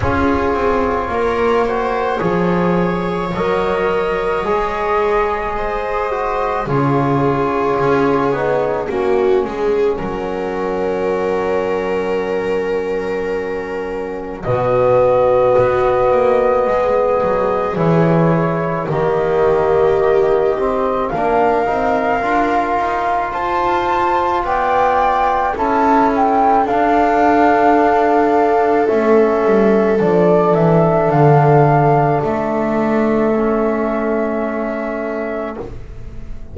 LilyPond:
<<
  \new Staff \with { instrumentName = "flute" } { \time 4/4 \tempo 4 = 54 cis''2. dis''4~ | dis''2 cis''2 | fis''1~ | fis''4 dis''2. |
cis''4 dis''2 f''4~ | f''4 a''4 g''4 a''8 g''8 | f''2 e''4 d''8 e''8 | f''4 e''2. | }
  \new Staff \with { instrumentName = "viola" } { \time 4/4 gis'4 ais'8 c''8 cis''2~ | cis''4 c''4 gis'2 | fis'8 gis'8 ais'2.~ | ais'4 fis'2 gis'4~ |
gis'4 g'2 ais'4~ | ais'4 c''4 d''4 a'4~ | a'1~ | a'1 | }
  \new Staff \with { instrumentName = "trombone" } { \time 4/4 f'4. fis'8 gis'4 ais'4 | gis'4. fis'8 f'4. dis'8 | cis'1~ | cis'4 b2. |
e'4 ais4. c'8 d'8 dis'8 | f'2. e'4 | d'2 cis'4 d'4~ | d'2 cis'2 | }
  \new Staff \with { instrumentName = "double bass" } { \time 4/4 cis'8 c'8 ais4 f4 fis4 | gis2 cis4 cis'8 b8 | ais8 gis8 fis2.~ | fis4 b,4 b8 ais8 gis8 fis8 |
e4 dis2 ais8 c'8 | d'8 dis'8 f'4 b4 cis'4 | d'2 a8 g8 f8 e8 | d4 a2. | }
>>